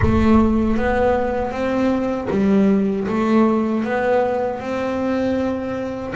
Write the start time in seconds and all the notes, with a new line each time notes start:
0.01 A3
0.76 B3
1.51 C4
2.30 G3
3.07 A3
3.84 B3
4.59 C4